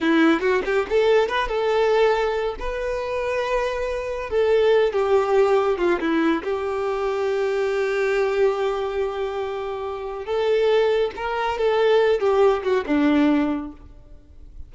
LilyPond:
\new Staff \with { instrumentName = "violin" } { \time 4/4 \tempo 4 = 140 e'4 fis'8 g'8 a'4 b'8 a'8~ | a'2 b'2~ | b'2 a'4. g'8~ | g'4. f'8 e'4 g'4~ |
g'1~ | g'1 | a'2 ais'4 a'4~ | a'8 g'4 fis'8 d'2 | }